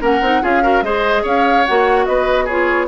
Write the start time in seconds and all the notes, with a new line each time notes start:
0.00 A#3 C#4 A#4 F#5
0.21 C4 D#4
0.41 C#4 F4 G#4 F5
0.62 F#4 A#4
0.82 G#3 G#4 C5 D#5
1.23 C#4 C#5 F5
1.66 A#3 F#4 F#5
2.06 B3 B4 D#5
2.45 F4 G#4 C#5